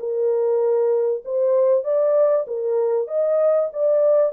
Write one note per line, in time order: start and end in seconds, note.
0.00 1.24 A#4
1.25 1.84 C5
1.84 2.46 D5
2.48 3.08 A#4
3.08 3.70 D#5
3.73 4.33 D5